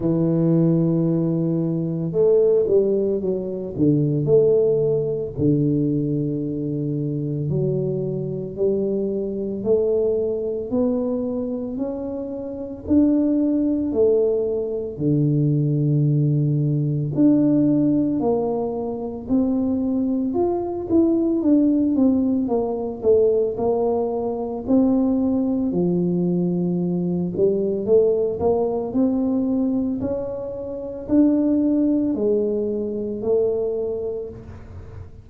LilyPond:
\new Staff \with { instrumentName = "tuba" } { \time 4/4 \tempo 4 = 56 e2 a8 g8 fis8 d8 | a4 d2 fis4 | g4 a4 b4 cis'4 | d'4 a4 d2 |
d'4 ais4 c'4 f'8 e'8 | d'8 c'8 ais8 a8 ais4 c'4 | f4. g8 a8 ais8 c'4 | cis'4 d'4 gis4 a4 | }